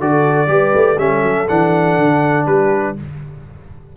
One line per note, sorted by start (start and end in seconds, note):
0.00 0.47 D3
0.00 0.47 F#4
0.00 0.49 A4
0.00 0.98 D5
0.47 0.72 G3
0.47 0.96 G4
0.47 0.99 B4
0.75 0.98 A3
0.98 1.23 G3
0.98 1.48 C#4
0.98 2.46 A4
0.98 1.48 E5
1.23 1.47 F#3
1.48 1.98 E3
1.48 2.97 D4
1.48 2.46 F#5
1.98 2.46 D3
2.46 2.96 G3
2.46 2.95 G4
2.46 2.95 B4